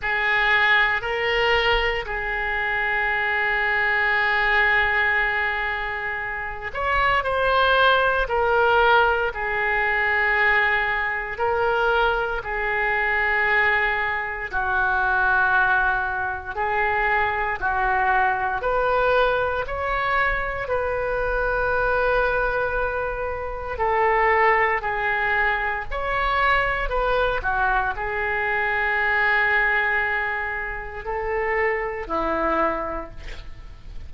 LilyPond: \new Staff \with { instrumentName = "oboe" } { \time 4/4 \tempo 4 = 58 gis'4 ais'4 gis'2~ | gis'2~ gis'8 cis''8 c''4 | ais'4 gis'2 ais'4 | gis'2 fis'2 |
gis'4 fis'4 b'4 cis''4 | b'2. a'4 | gis'4 cis''4 b'8 fis'8 gis'4~ | gis'2 a'4 e'4 | }